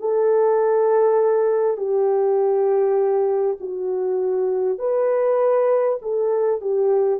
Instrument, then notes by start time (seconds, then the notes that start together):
horn
0.00 A4
1.77 G4
3.61 F#4
4.78 B4
6.02 A4
6.61 G4